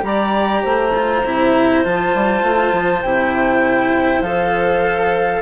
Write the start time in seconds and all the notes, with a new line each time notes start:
0.00 G3 G4 D5 A#5
0.63 A3 C5
0.94 F4
1.24 C3 E4
1.84 F3 F4 A5
2.15 G3
2.43 A3
2.72 F3
3.02 C3 E4 G5
4.21 F3 A4 F5